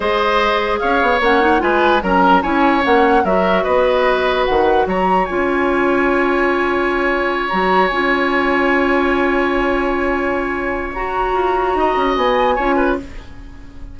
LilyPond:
<<
  \new Staff \with { instrumentName = "flute" } { \time 4/4 \tempo 4 = 148 dis''2 f''4 fis''4 | gis''4 ais''4 gis''4 fis''4 | e''4 dis''2 fis''4 | ais''4 gis''2.~ |
gis''2~ gis''8 ais''4 gis''8~ | gis''1~ | gis''2. ais''4~ | ais''2 gis''2 | }
  \new Staff \with { instrumentName = "oboe" } { \time 4/4 c''2 cis''2 | b'4 ais'4 cis''2 | ais'4 b'2. | cis''1~ |
cis''1~ | cis''1~ | cis''1~ | cis''4 dis''2 cis''8 b'8 | }
  \new Staff \with { instrumentName = "clarinet" } { \time 4/4 gis'2. cis'8 dis'8 | f'4 cis'4 e'4 cis'4 | fis'1~ | fis'4 f'2.~ |
f'2~ f'8 fis'4 f'8~ | f'1~ | f'2. fis'4~ | fis'2. f'4 | }
  \new Staff \with { instrumentName = "bassoon" } { \time 4/4 gis2 cis'8 b8 ais4 | gis4 fis4 cis'4 ais4 | fis4 b2 dis4 | fis4 cis'2.~ |
cis'2~ cis'8 fis4 cis'8~ | cis'1~ | cis'2. fis'4 | f'4 dis'8 cis'8 b4 cis'4 | }
>>